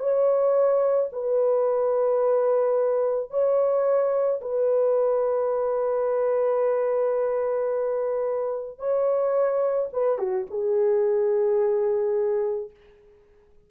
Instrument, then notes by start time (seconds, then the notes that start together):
horn
0.00 C#5
1.13 B4
3.31 C#5
4.42 B4
8.79 C#5
9.93 B4
10.19 F#4
10.51 G#4